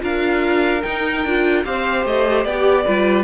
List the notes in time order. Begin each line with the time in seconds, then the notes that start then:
0.00 D4 F4 A#4 F5
0.83 D#4 G5
1.24 D4 F4
1.65 C4 G4 C5 F5
2.05 A3 D#5
2.44 B3 G4 D5
2.85 G3 F4 B4